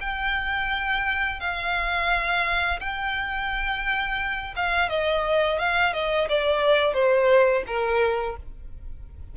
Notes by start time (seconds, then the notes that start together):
0.00 G5
1.40 F5
2.80 G5
4.56 F5
4.89 D#5
5.58 F5
5.93 D#5
6.29 D5
6.93 C5
7.66 A#4